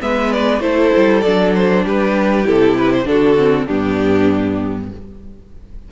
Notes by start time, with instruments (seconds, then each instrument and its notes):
0.00 cello G#3, viola B3, violin B4 E5
0.32 violin D5
0.60 cello A3, viola E4, violin A4 C5
0.96 cello G3
1.21 cello F#3, viola D4, violin D5
1.55 violin C5
1.84 cello G3, violin G4 B4
2.44 cello C3, viola E4, violin A4
2.78 violin B4
2.93 violin C5
3.05 cello D3, viola D4, violin F#4 A4
3.37 viola C4
3.66 cello G2, viola B3, violin D4 G4